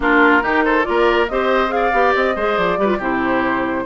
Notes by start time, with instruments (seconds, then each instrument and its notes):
0.00 bassoon A#3, clarinet D4, oboe F4, flute A#4
0.41 bassoon D#3, clarinet D#4, oboe G4
0.64 oboe A4, flute C5
0.83 bassoon A#3, clarinet F4, oboe A#4, flute D5
1.27 bassoon C4, clarinet G4, oboe C5, flute D#5
1.68 clarinet G#4, flute F5
1.75 oboe D5
1.92 bassoon B3, clarinet G4
2.15 bassoon C4, flute D#5
2.35 bassoon G#3, clarinet G#4, oboe C5
2.57 bassoon F3, flute D5
2.78 bassoon G3, clarinet G4, oboe B4
2.86 clarinet F4
2.97 bassoon C3, clarinet E4, oboe G4, flute C5